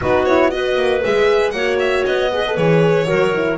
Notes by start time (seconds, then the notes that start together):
0.01 B3 D#4 F#4 B4
0.25 E4 C#5
0.50 F#4 B4 D#5
0.76 A#3
1.03 G#3 G#4 E5
1.51 A#3 F#4 C#5 F#5
1.79 E5
2.05 B3 D#5
2.32 G#4 B4
2.47 A4
2.56 E3 G#4 C#5
3.05 F#3 F#4 A#4
3.33 E4